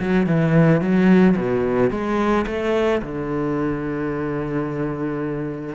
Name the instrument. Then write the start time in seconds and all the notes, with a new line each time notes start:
cello
0.00 F#3
0.26 E3
0.81 F#3
1.37 B2
1.90 G#3
2.46 A3
3.02 D3